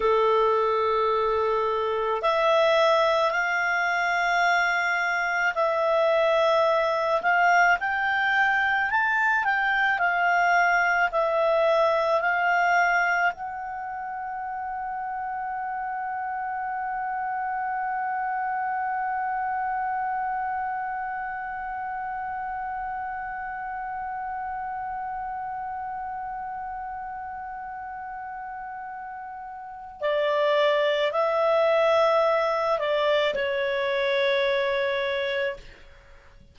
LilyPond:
\new Staff \with { instrumentName = "clarinet" } { \time 4/4 \tempo 4 = 54 a'2 e''4 f''4~ | f''4 e''4. f''8 g''4 | a''8 g''8 f''4 e''4 f''4 | fis''1~ |
fis''1~ | fis''1~ | fis''2. d''4 | e''4. d''8 cis''2 | }